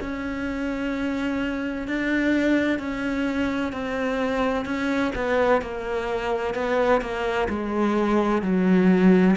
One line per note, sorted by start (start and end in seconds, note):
0.00 1.87 C#4
1.87 2.78 D4
2.78 3.72 C#4
3.72 4.65 C4
4.65 5.12 C#4
5.15 5.61 B3
5.61 6.54 A#3
6.54 7.01 B3
7.01 7.48 A#3
7.48 8.42 G#3
8.42 9.35 F#3